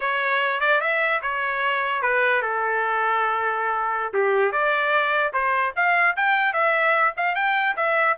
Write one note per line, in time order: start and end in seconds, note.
0.00 0.60 C#5
0.60 0.80 D5
0.80 1.21 E5
1.22 2.02 C#5
2.02 2.42 B4
2.42 4.13 A4
4.13 4.51 G4
4.51 5.32 D5
5.33 5.73 C5
5.75 6.16 F5
6.16 6.53 G5
6.53 7.13 E5
7.16 7.35 F5
7.35 7.75 G5
7.76 8.16 E5